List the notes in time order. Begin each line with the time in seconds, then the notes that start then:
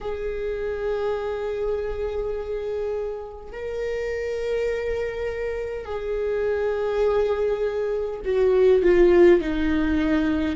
0.00 G#4
3.52 A#4
5.85 G#4
8.25 F#4
8.82 F4
9.41 D#4